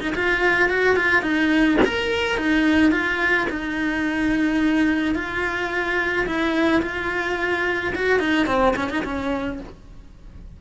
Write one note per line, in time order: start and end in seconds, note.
0.00 0.14 D#4
0.15 0.69 F4
0.69 0.96 F#4
0.96 1.22 F4
1.22 1.78 D#4
1.85 2.37 A#4
2.37 2.91 D#4
2.91 3.47 F4
3.50 5.15 D#4
5.15 6.26 F4
6.26 6.82 E4
6.82 7.93 F4
7.95 8.19 F#4
8.19 8.46 D#4
8.46 8.74 C4
8.76 8.90 C#4
8.90 9.04 D#4
9.04 9.60 C#4